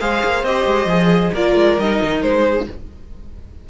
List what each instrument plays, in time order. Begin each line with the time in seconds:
0.00 cello G#3, viola G#4, violin C5 F5
0.24 cello A#3
0.43 cello C4, viola G4, violin D#5
0.66 cello G#3
0.86 cello F3, viola G#4
1.33 cello A#3, viola F4, violin A#4 D5
1.55 cello G#3
1.78 cello G3, viola D#4, violin D#5
2.02 cello D#3
2.22 cello G#3, violin C5
2.42 violin G#4